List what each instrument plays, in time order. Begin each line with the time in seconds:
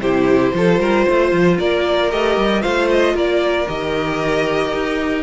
0.00 cello C3, viola E4, violin G4 C5
0.54 cello F3, viola F4, violin A4
0.79 cello G3, violin A#4
1.05 cello A3, violin C5
1.32 cello F3
1.58 cello A#3, violin A#4 D5
2.11 cello A3, viola G4, violin D#5
2.37 cello G3
2.62 cello A3, viola F4, violin C5 F5
2.91 violin D#5
3.15 cello A#3, violin A#4 D5
3.68 cello D#3, viola G4, violin D#5
4.74 cello D#4